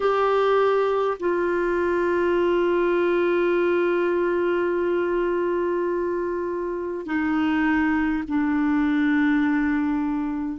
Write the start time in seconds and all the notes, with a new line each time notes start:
0.00 G4
1.19 F4
7.06 D#4
8.27 D4